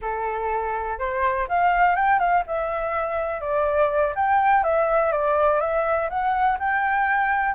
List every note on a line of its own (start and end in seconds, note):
0.01 0.99 A4
0.99 1.47 C5
1.48 1.95 F5
1.95 2.19 G5
2.19 2.43 F5
2.46 3.40 E5
3.40 4.13 D5
4.15 4.63 G5
4.63 5.12 E5
5.12 5.60 D5
5.60 6.09 E5
6.09 6.58 F#5
6.59 7.54 G5